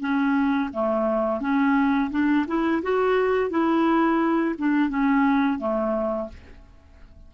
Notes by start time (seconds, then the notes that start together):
0.00 C#4
0.73 A3
1.40 C#4
2.11 D4
2.47 E4
2.83 F#4
3.50 E4
4.58 D4
4.89 C#4
5.59 A3